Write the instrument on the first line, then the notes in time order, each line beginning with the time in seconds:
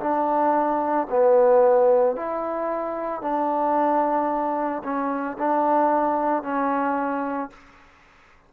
trombone
0.00 D4
1.10 B3
2.16 E4
3.21 D4
4.84 C#4
5.39 D4
6.43 C#4